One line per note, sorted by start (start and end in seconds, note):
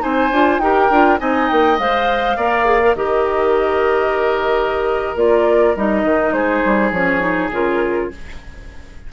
0.00 0.31 C4
0.00 0.29 D#4
0.00 0.61 C5
0.00 0.59 G#5
0.31 0.58 D4
0.31 0.62 F4
0.58 0.88 D#4
0.58 0.91 G4
0.58 1.20 A#4
0.58 1.18 G5
0.90 1.19 D4
0.90 1.18 F4
1.18 1.50 C4
1.18 1.77 D#4
1.18 2.36 D#5
1.18 1.49 G#5
1.49 1.78 A#3
1.49 1.78 G5
1.78 2.36 G#3
1.78 2.38 C5
1.78 2.95 F5
2.36 2.95 A#3
2.36 2.65 A#4
2.36 2.95 D5
2.65 2.80 G#4
2.81 2.95 A#4
2.95 5.15 D#3
2.95 5.16 G4
2.95 6.34 A#4
2.95 5.16 D#5
5.15 5.74 A#3
5.15 5.75 F4
5.15 5.76 D5
5.76 6.03 G3
5.76 6.93 D#4
5.76 6.32 D#5
6.03 6.32 D#3
6.32 6.61 G#3
6.32 8.11 G#4
6.32 6.91 C5
6.65 6.91 G3
6.91 7.50 F3
6.91 7.20 C#4
6.91 7.50 C#5
7.20 7.49 D#4
7.50 8.09 C#3
7.50 8.11 F4
7.50 8.12 A#4